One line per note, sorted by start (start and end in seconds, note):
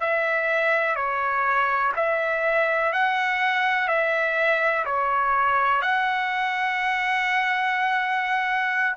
0.00 0.95 E5
0.95 1.92 C#5
1.96 2.93 E5
2.93 3.88 F#5
3.88 4.84 E5
4.85 5.82 C#5
5.82 8.96 F#5